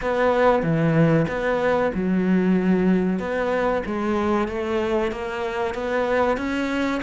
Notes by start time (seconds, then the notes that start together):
0.01 B3
0.62 E3
1.28 B3
1.94 F#3
3.19 B3
3.86 G#3
4.47 A3
5.11 A#3
5.74 B3
6.37 C#4